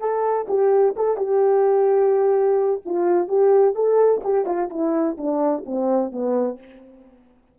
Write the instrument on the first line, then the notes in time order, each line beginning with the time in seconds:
horn
0.00 A4
0.49 G4
0.97 A4
1.17 G4
2.86 F4
3.29 G4
3.75 A4
4.24 G4
4.46 F4
4.70 E4
5.18 D4
5.66 C4
6.12 B3